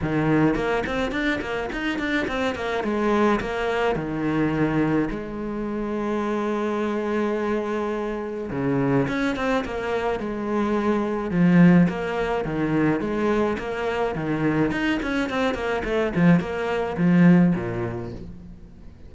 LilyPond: \new Staff \with { instrumentName = "cello" } { \time 4/4 \tempo 4 = 106 dis4 ais8 c'8 d'8 ais8 dis'8 d'8 | c'8 ais8 gis4 ais4 dis4~ | dis4 gis2.~ | gis2. cis4 |
cis'8 c'8 ais4 gis2 | f4 ais4 dis4 gis4 | ais4 dis4 dis'8 cis'8 c'8 ais8 | a8 f8 ais4 f4 ais,4 | }